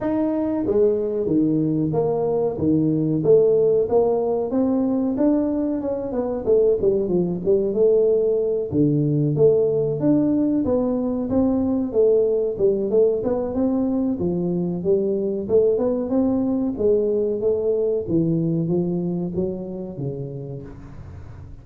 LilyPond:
\new Staff \with { instrumentName = "tuba" } { \time 4/4 \tempo 4 = 93 dis'4 gis4 dis4 ais4 | dis4 a4 ais4 c'4 | d'4 cis'8 b8 a8 g8 f8 g8 | a4. d4 a4 d'8~ |
d'8 b4 c'4 a4 g8 | a8 b8 c'4 f4 g4 | a8 b8 c'4 gis4 a4 | e4 f4 fis4 cis4 | }